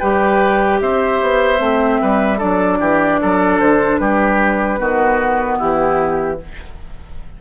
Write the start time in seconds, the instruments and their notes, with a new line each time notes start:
0.00 bassoon G3, clarinet G4, oboe B4, flute G5
0.81 bassoon C4, oboe C5, flute E5
1.22 bassoon B3
1.58 bassoon A3, clarinet C4
2.02 bassoon G3, oboe B4
2.38 bassoon F#3, clarinet D4, oboe A4, flute D5
2.80 bassoon E3, oboe G4
3.21 bassoon F#3, oboe A4
3.60 bassoon D3, flute C5
3.98 bassoon G3, oboe G4, flute B4
4.79 bassoon D#3, clarinet B3, oboe F#4
5.58 bassoon E3, oboe E4, flute G4